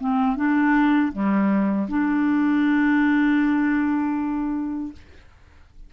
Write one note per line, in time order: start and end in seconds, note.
0.00 0.36 C4
0.36 1.12 D4
1.12 1.88 G3
1.88 4.92 D4